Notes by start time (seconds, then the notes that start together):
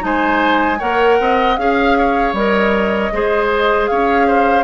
0.00 G#3 D#4 C5 G#5
0.79 A#3 A#4 C#5 F#5
1.20 C4 D#5
1.57 C#4 G#4 F5
1.98 C#5
2.33 G3 A#4 D#5
3.12 G#3 G#4 C5
3.87 C#4 C#5 F5
4.27 C5